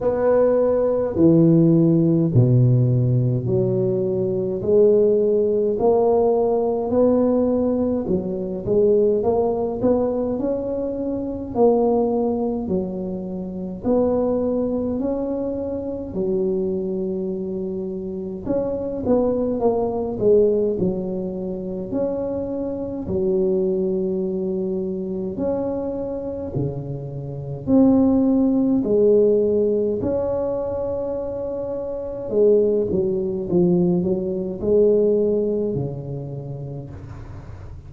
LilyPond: \new Staff \with { instrumentName = "tuba" } { \time 4/4 \tempo 4 = 52 b4 e4 b,4 fis4 | gis4 ais4 b4 fis8 gis8 | ais8 b8 cis'4 ais4 fis4 | b4 cis'4 fis2 |
cis'8 b8 ais8 gis8 fis4 cis'4 | fis2 cis'4 cis4 | c'4 gis4 cis'2 | gis8 fis8 f8 fis8 gis4 cis4 | }